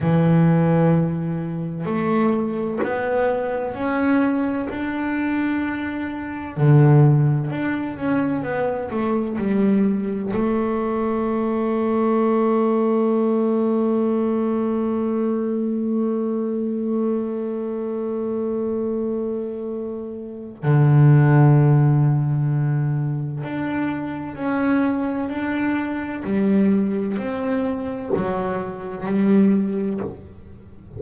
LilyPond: \new Staff \with { instrumentName = "double bass" } { \time 4/4 \tempo 4 = 64 e2 a4 b4 | cis'4 d'2 d4 | d'8 cis'8 b8 a8 g4 a4~ | a1~ |
a1~ | a2 d2~ | d4 d'4 cis'4 d'4 | g4 c'4 fis4 g4 | }